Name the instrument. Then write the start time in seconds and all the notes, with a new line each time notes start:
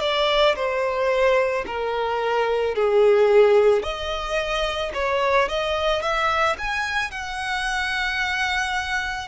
violin
0.00 D5
0.55 C5
1.66 A#4
2.74 G#4
3.82 D#5
4.93 C#5
5.48 D#5
6.01 E5
6.58 G#5
7.11 F#5